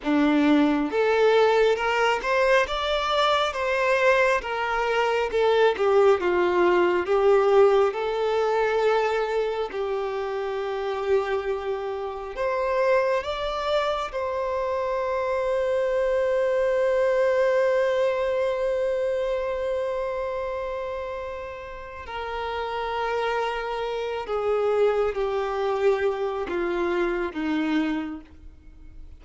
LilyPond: \new Staff \with { instrumentName = "violin" } { \time 4/4 \tempo 4 = 68 d'4 a'4 ais'8 c''8 d''4 | c''4 ais'4 a'8 g'8 f'4 | g'4 a'2 g'4~ | g'2 c''4 d''4 |
c''1~ | c''1~ | c''4 ais'2~ ais'8 gis'8~ | gis'8 g'4. f'4 dis'4 | }